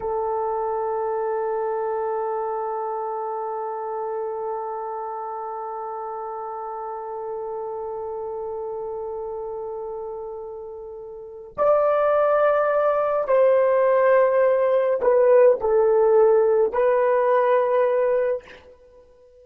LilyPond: \new Staff \with { instrumentName = "horn" } { \time 4/4 \tempo 4 = 104 a'1~ | a'1~ | a'1~ | a'1~ |
a'1 | d''2. c''4~ | c''2 b'4 a'4~ | a'4 b'2. | }